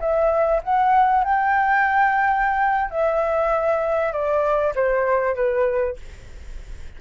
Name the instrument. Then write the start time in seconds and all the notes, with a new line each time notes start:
flute
0.00 E5
0.63 F#5
1.24 G5
2.91 E5
4.12 D5
4.75 C5
5.35 B4